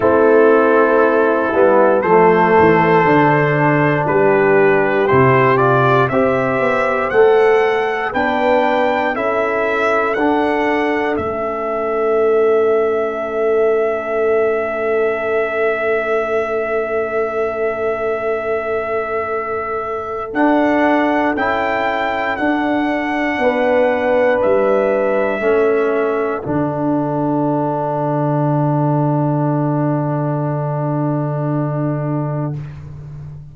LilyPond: <<
  \new Staff \with { instrumentName = "trumpet" } { \time 4/4 \tempo 4 = 59 a'2 c''2 | b'4 c''8 d''8 e''4 fis''4 | g''4 e''4 fis''4 e''4~ | e''1~ |
e''1 | fis''4 g''4 fis''2 | e''2 fis''2~ | fis''1 | }
  \new Staff \with { instrumentName = "horn" } { \time 4/4 e'2 a'2 | g'2 c''2 | b'4 a'2.~ | a'1~ |
a'1~ | a'2. b'4~ | b'4 a'2.~ | a'1 | }
  \new Staff \with { instrumentName = "trombone" } { \time 4/4 c'4. b8 a4 d'4~ | d'4 e'8 f'8 g'4 a'4 | d'4 e'4 d'4 cis'4~ | cis'1~ |
cis'1 | d'4 e'4 d'2~ | d'4 cis'4 d'2~ | d'1 | }
  \new Staff \with { instrumentName = "tuba" } { \time 4/4 a4. g8 f8 e8 d4 | g4 c4 c'8 b8 a4 | b4 cis'4 d'4 a4~ | a1~ |
a1 | d'4 cis'4 d'4 b4 | g4 a4 d2~ | d1 | }
>>